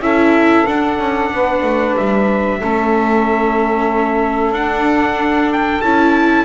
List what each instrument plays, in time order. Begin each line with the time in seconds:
0.00 double bass C#4, viola E4, saxophone A4, trumpet E5
0.67 viola D4, double bass D4, trumpet F#5
0.99 double bass C#4
1.32 double bass B3, saxophone B4
1.63 double bass A3
1.97 double bass G3, trumpet E5
2.60 double bass A3, viola C#4, saxophone A4
4.52 double bass D4, viola D4, trumpet F#5
5.53 trumpet G5
5.82 double bass C#4, viola E4, trumpet A5